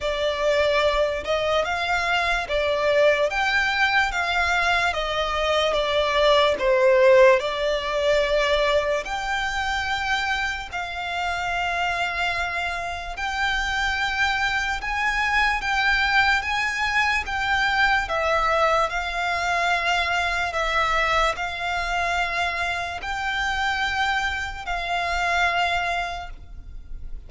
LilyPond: \new Staff \with { instrumentName = "violin" } { \time 4/4 \tempo 4 = 73 d''4. dis''8 f''4 d''4 | g''4 f''4 dis''4 d''4 | c''4 d''2 g''4~ | g''4 f''2. |
g''2 gis''4 g''4 | gis''4 g''4 e''4 f''4~ | f''4 e''4 f''2 | g''2 f''2 | }